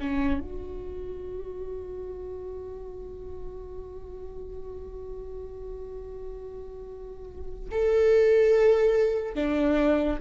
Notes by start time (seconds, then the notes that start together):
0.00 C#4
0.41 F#4
7.72 A4
9.35 D4